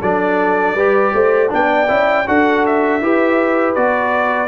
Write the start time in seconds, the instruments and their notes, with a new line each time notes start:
0.00 tuba F#3, trombone D4, horn A4, trumpet D5
0.75 tuba G3, trombone G4, horn B4
1.13 tuba A3, horn C5
1.49 tuba B3, trombone D4, horn D5, trumpet G5
1.88 tuba C#4, trombone E4
2.27 tuba D4, trombone F#4, horn A4, trumpet F#5
2.66 trumpet E5
3.01 tuba E4, trombone G4, horn B4
3.74 tuba B3, trombone F#4, trumpet D5